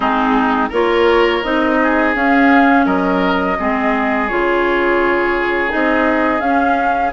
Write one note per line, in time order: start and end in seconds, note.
0.00 0.69 G#3
0.00 0.71 C4
0.00 0.69 D#4
0.00 0.68 G#4
0.69 1.43 A#3
0.69 1.43 F4
0.69 1.76 A#4
0.69 1.43 C#5
1.43 2.14 C4
1.43 2.14 D#4
1.43 2.14 D#5
1.82 2.85 G#4
2.14 3.57 C#4
2.14 2.85 C#4
2.14 2.85 F5
2.85 3.57 F#3
2.85 3.57 A#4
2.85 4.28 D#5
3.58 4.30 G#3
3.58 4.29 C4
3.58 7.13 G#4
4.28 5.73 C#3
4.28 5.68 F4
4.28 5.71 C#5
5.68 6.40 C4
5.68 6.40 D#4
5.68 6.40 D#5
6.40 7.11 C#4
6.40 7.13 C#4
6.40 7.11 F5